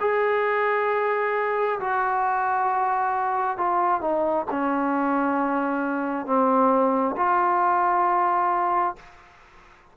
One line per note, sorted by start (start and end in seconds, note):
0.00 1.79 G#4
1.80 3.58 F#4
3.58 4.01 F4
4.01 4.46 D#4
4.51 6.26 C#4
6.26 7.16 C4
7.17 8.96 F4